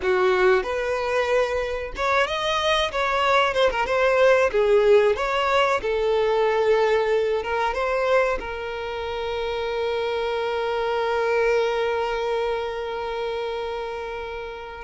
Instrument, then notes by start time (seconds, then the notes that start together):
violin
0.02 F#4
0.63 B4
1.95 C#5
2.26 D#5
2.91 C#5
3.54 C5
3.70 A#4
3.86 C5
4.51 G#4
5.16 C#5
5.82 A4
7.43 A#4
7.74 C5
8.39 A#4